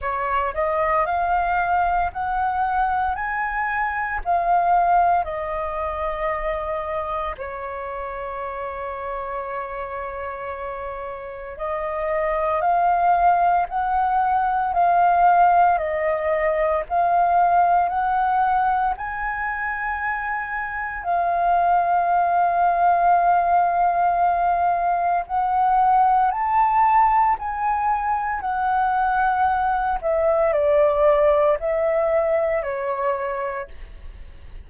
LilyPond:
\new Staff \with { instrumentName = "flute" } { \time 4/4 \tempo 4 = 57 cis''8 dis''8 f''4 fis''4 gis''4 | f''4 dis''2 cis''4~ | cis''2. dis''4 | f''4 fis''4 f''4 dis''4 |
f''4 fis''4 gis''2 | f''1 | fis''4 a''4 gis''4 fis''4~ | fis''8 e''8 d''4 e''4 cis''4 | }